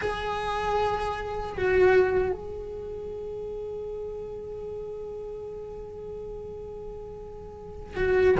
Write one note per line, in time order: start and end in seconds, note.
0.01 1.57 G#4
1.57 2.32 F#4
2.32 7.96 G#4
7.96 8.35 F#4